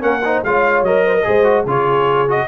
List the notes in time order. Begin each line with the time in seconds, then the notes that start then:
0.00 A#3 C#4 A#4 F#5
0.25 D#4 C5
0.44 G#3 F4 C#5 F5
0.82 F#3 A#4 D#5
1.06 C5
1.15 A#4
1.23 G#3 G#4 C5
1.43 F#4
1.64 C#3 F4 G#4 C#5
2.28 F#4 D#5